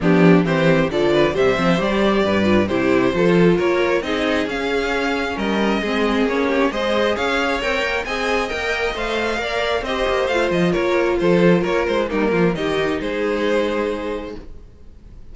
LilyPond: <<
  \new Staff \with { instrumentName = "violin" } { \time 4/4 \tempo 4 = 134 g'4 c''4 d''4 e''4 | d''2 c''2 | cis''4 dis''4 f''2 | dis''2 cis''4 dis''4 |
f''4 g''4 gis''4 g''4 | f''2 dis''4 f''8 dis''8 | cis''4 c''4 cis''8 c''8 ais'4 | dis''4 c''2. | }
  \new Staff \with { instrumentName = "violin" } { \time 4/4 d'4 g'4 a'8 b'8 c''4~ | c''4 b'4 g'4 a'4 | ais'4 gis'2. | ais'4 gis'4. g'8 c''4 |
cis''2 dis''2~ | dis''4 d''4 c''2 | ais'4 a'4 ais'4 dis'8 f'8 | g'4 gis'2. | }
  \new Staff \with { instrumentName = "viola" } { \time 4/4 b4 c'4 f4 g8 c'8 | g'4. f'8 e'4 f'4~ | f'4 dis'4 cis'2~ | cis'4 c'4 cis'4 gis'4~ |
gis'4 ais'4 gis'4 ais'4 | c''4 ais'4 g'4 f'4~ | f'2. ais4 | dis'1 | }
  \new Staff \with { instrumentName = "cello" } { \time 4/4 f4 e4 d4 c8 f8 | g4 g,4 c4 f4 | ais4 c'4 cis'2 | g4 gis4 ais4 gis4 |
cis'4 c'8 ais8 c'4 ais4 | a4 ais4 c'8 ais8 a8 f8 | ais4 f4 ais8 gis8 g8 f8 | dis4 gis2. | }
>>